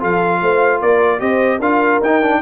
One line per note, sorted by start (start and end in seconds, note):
0.00 0.42 F3
0.00 1.20 F4
0.00 0.41 A4
0.00 0.82 F5
0.42 0.82 A3
0.42 0.81 C5
0.81 1.21 A#3
0.81 1.21 A#4
0.81 1.20 D5
1.20 1.60 C4
1.20 1.60 G4
1.20 1.59 C5
1.20 1.60 D#5
1.59 2.00 D4
1.59 2.02 F4
1.59 2.40 A#4
1.59 2.02 F5
2.01 2.41 D#4
2.01 2.22 D#4
2.01 2.42 G5
2.22 2.42 D4